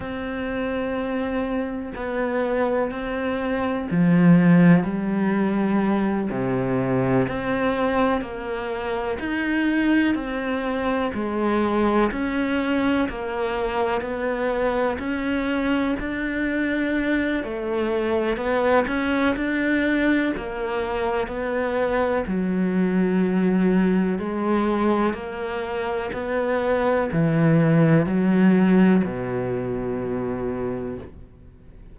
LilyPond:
\new Staff \with { instrumentName = "cello" } { \time 4/4 \tempo 4 = 62 c'2 b4 c'4 | f4 g4. c4 c'8~ | c'8 ais4 dis'4 c'4 gis8~ | gis8 cis'4 ais4 b4 cis'8~ |
cis'8 d'4. a4 b8 cis'8 | d'4 ais4 b4 fis4~ | fis4 gis4 ais4 b4 | e4 fis4 b,2 | }